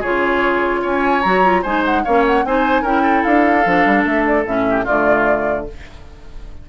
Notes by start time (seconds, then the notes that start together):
0.00 C#3 F4 G#4 C#5
0.82 C#4 C#5 G#5
1.22 F#3 F#4 A#5
1.44 F4
1.62 G#3 D#4 C5 G#5
1.85 F#5
2.04 A#3 C#4 C#5 F5
2.26 F#5
2.44 C4 D#4 C5 G#5
2.82 C#4 E4 A#4 G5
3.02 A4
3.24 D4 F5
3.65 F3 D4
3.86 G3
4.05 A3 E5
4.26 D5
4.45 A2 C#4 E5
4.70 G4
4.84 D3 A3 F4 D5